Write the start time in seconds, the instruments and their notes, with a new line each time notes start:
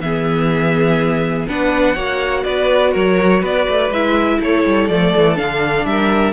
0.00 cello E3, viola B3, violin G#4 E5
1.48 cello B3, viola D4, violin B4 F#5
1.95 cello A#3, viola F#4, violin C#5
2.43 cello B3, violin B4 D5
2.91 cello F#3, violin A#4 C#5
3.40 cello B3, violin B4 D5
3.68 cello A3
3.89 cello G#3, viola E4, violin E5
4.40 cello A3, violin A4 C#5
4.65 cello G3
4.88 cello F3, viola A3, violin D5
5.16 cello E3
5.35 cello D3, viola D4, violin F5
5.85 cello G3, violin A#4 E5